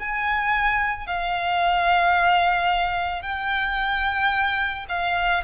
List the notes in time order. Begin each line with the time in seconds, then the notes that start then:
0.00 G#5
1.07 F5
3.22 G5
4.89 F5